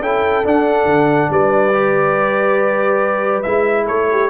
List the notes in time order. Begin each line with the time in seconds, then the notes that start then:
0.00 C#4 E4 A4 G5
0.44 D4 F#5
0.86 D3
1.30 G3 B4 D5
1.73 G4
3.42 G#3 E4 E5
3.86 A3 A4 C#5
4.12 G4